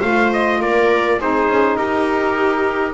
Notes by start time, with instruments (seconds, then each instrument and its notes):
0.00 double bass A3, saxophone F4, viola C5, trumpet F5
0.33 trumpet D#5
0.61 double bass A#3, viola A#4, trumpet D5
1.19 double bass C4, saxophone D#4, viola G#4, trumpet C5
1.49 double bass C#4
1.77 double bass D#4, viola G4, trumpet A#4